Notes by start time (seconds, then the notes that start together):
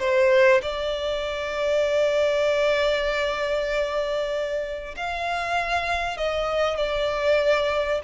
0.00 C5
0.63 D5
4.97 F5
6.17 D#5
6.77 D5